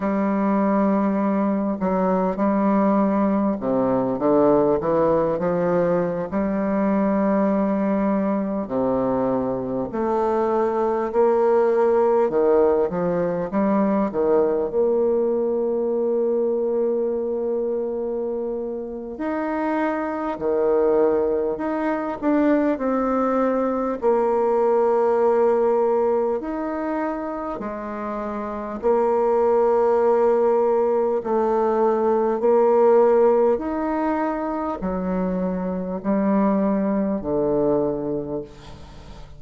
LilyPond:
\new Staff \with { instrumentName = "bassoon" } { \time 4/4 \tempo 4 = 50 g4. fis8 g4 c8 d8 | e8 f8. g2 c8.~ | c16 a4 ais4 dis8 f8 g8 dis16~ | dis16 ais2.~ ais8. |
dis'4 dis4 dis'8 d'8 c'4 | ais2 dis'4 gis4 | ais2 a4 ais4 | dis'4 fis4 g4 d4 | }